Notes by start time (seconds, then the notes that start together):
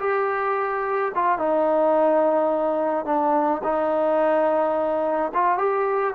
0.00 G4
1.15 F4
1.38 D#4
3.06 D4
3.64 D#4
5.34 F4
5.58 G4